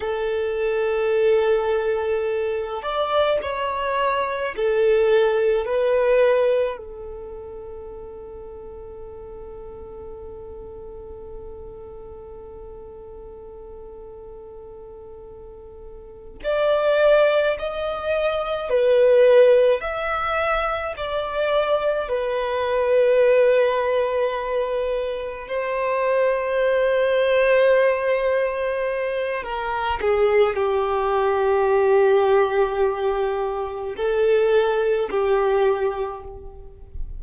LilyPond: \new Staff \with { instrumentName = "violin" } { \time 4/4 \tempo 4 = 53 a'2~ a'8 d''8 cis''4 | a'4 b'4 a'2~ | a'1~ | a'2~ a'8 d''4 dis''8~ |
dis''8 b'4 e''4 d''4 b'8~ | b'2~ b'8 c''4.~ | c''2 ais'8 gis'8 g'4~ | g'2 a'4 g'4 | }